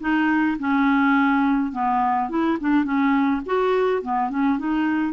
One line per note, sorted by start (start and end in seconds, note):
0.00 0.57 D#4
0.59 1.72 C#4
1.72 2.29 B3
2.29 2.58 E4
2.60 2.84 D4
2.84 3.41 C#4
3.45 4.02 F#4
4.02 4.30 B3
4.30 4.58 C#4
4.58 5.13 D#4